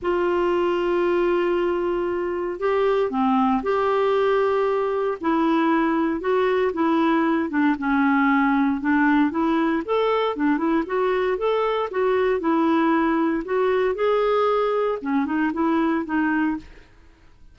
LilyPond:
\new Staff \with { instrumentName = "clarinet" } { \time 4/4 \tempo 4 = 116 f'1~ | f'4 g'4 c'4 g'4~ | g'2 e'2 | fis'4 e'4. d'8 cis'4~ |
cis'4 d'4 e'4 a'4 | d'8 e'8 fis'4 a'4 fis'4 | e'2 fis'4 gis'4~ | gis'4 cis'8 dis'8 e'4 dis'4 | }